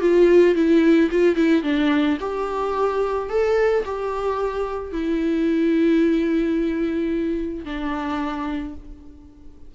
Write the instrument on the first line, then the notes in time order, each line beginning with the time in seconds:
viola
0.00 F4
0.55 E4
1.11 F4
1.35 E4
1.63 D4
2.20 G4
3.29 A4
3.85 G4
4.92 E4
7.65 D4